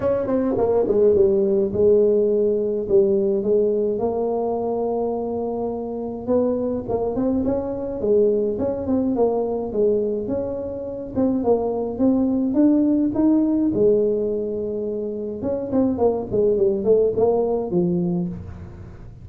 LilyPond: \new Staff \with { instrumentName = "tuba" } { \time 4/4 \tempo 4 = 105 cis'8 c'8 ais8 gis8 g4 gis4~ | gis4 g4 gis4 ais4~ | ais2. b4 | ais8 c'8 cis'4 gis4 cis'8 c'8 |
ais4 gis4 cis'4. c'8 | ais4 c'4 d'4 dis'4 | gis2. cis'8 c'8 | ais8 gis8 g8 a8 ais4 f4 | }